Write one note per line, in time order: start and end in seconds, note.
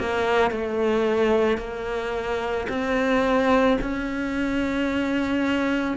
0.00 0.51 A#3
0.51 1.58 A3
1.58 2.67 A#3
2.69 3.78 C4
3.81 5.97 C#4